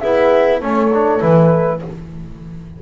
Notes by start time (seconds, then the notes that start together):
0.00 B3 E4 G#4 E5
0.60 A3 C#4 A4 C#5
0.93 D4
1.20 E3 E4 B4